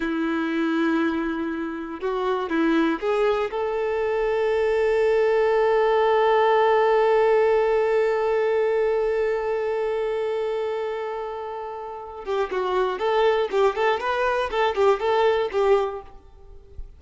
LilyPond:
\new Staff \with { instrumentName = "violin" } { \time 4/4 \tempo 4 = 120 e'1 | fis'4 e'4 gis'4 a'4~ | a'1~ | a'1~ |
a'1~ | a'1~ | a'8 g'8 fis'4 a'4 g'8 a'8 | b'4 a'8 g'8 a'4 g'4 | }